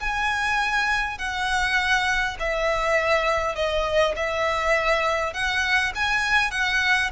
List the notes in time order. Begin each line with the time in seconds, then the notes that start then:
0.00 G#5
1.19 F#5
2.39 E5
3.56 D#5
4.16 E5
5.33 F#5
5.95 G#5
6.51 F#5